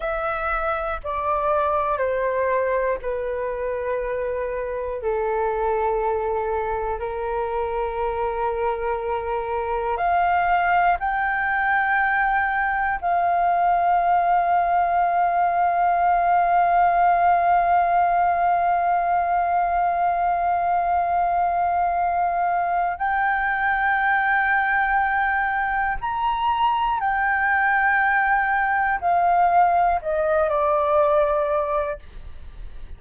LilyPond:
\new Staff \with { instrumentName = "flute" } { \time 4/4 \tempo 4 = 60 e''4 d''4 c''4 b'4~ | b'4 a'2 ais'4~ | ais'2 f''4 g''4~ | g''4 f''2.~ |
f''1~ | f''2. g''4~ | g''2 ais''4 g''4~ | g''4 f''4 dis''8 d''4. | }